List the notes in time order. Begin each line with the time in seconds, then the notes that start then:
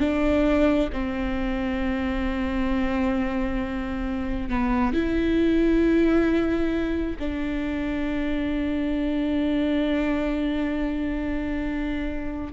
0.00 D4
0.93 C4
4.49 B3
4.93 E4
7.20 D4